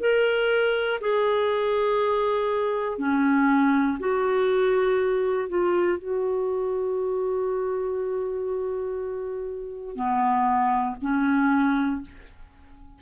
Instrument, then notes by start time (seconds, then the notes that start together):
clarinet
0.00 A#4
1.00 G#4
2.99 C#4
4.00 F#4
5.49 F4
5.99 F#4
9.96 B3
11.01 C#4